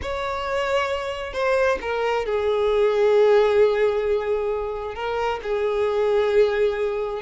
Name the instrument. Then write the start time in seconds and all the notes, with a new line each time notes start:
violin
0.01 C#5
1.33 C5
1.81 A#4
2.25 G#4
4.94 A#4
5.43 G#4